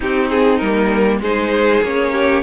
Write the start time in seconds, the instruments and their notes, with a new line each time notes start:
0.00 viola C4, cello C4, violin D#4 G4
0.29 violin G#4
0.57 cello G3, viola A#3, violin A#4
1.20 cello G#3, viola D#4, violin G#4 C5
1.82 cello A#3, viola C#4, violin C#5
2.12 violin G4